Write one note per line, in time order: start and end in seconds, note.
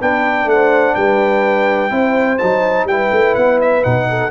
0.00 0.45 B3
0.00 1.89 D4
0.00 0.48 B4
0.00 0.49 G5
0.45 0.93 A3
0.45 0.95 F#5
0.52 0.96 C5
0.95 1.91 G3
0.95 1.92 B4
0.95 2.38 G5
1.89 2.39 C4
1.89 2.37 E4
1.89 2.88 C5
2.38 2.84 F#3
2.38 2.89 D#4
2.38 2.86 A5
2.84 3.08 G3
2.84 3.83 E4
2.84 4.08 B4
2.84 3.35 G5
3.11 3.35 A3
3.35 3.84 B3
3.35 3.59 F#5
3.61 3.84 E5
3.83 4.31 B2
3.83 4.31 D#4
3.83 4.31 F#5
4.09 4.31 A4